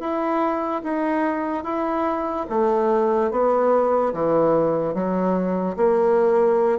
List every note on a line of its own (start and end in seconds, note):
0.00 0.82 E4
0.83 1.64 D#4
1.64 2.46 E4
2.50 3.31 A3
3.31 4.13 B3
4.13 4.94 E3
4.94 5.76 F#3
5.76 6.79 A#3